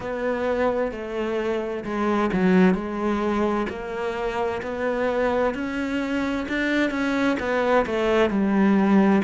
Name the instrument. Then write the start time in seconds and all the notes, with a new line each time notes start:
cello
0.00 B3
0.91 A3
1.84 G#3
2.32 F#3
2.74 G#3
3.69 A#3
4.62 B3
5.54 C#4
6.48 D4
6.90 C#4
7.39 B3
7.85 A3
8.30 G3